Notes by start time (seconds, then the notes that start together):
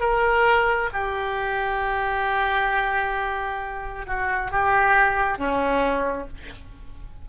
0.00 A#4
0.93 G4
4.06 F#4
4.51 G4
5.38 C#4